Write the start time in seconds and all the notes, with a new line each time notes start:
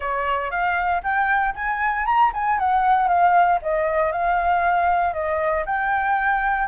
0.00 C#5
0.50 F5
1.03 G5
1.54 G#5
2.05 A#5
2.33 G#5
2.59 F#5
3.08 F5
3.62 D#5
4.12 F5
5.13 D#5
5.65 G5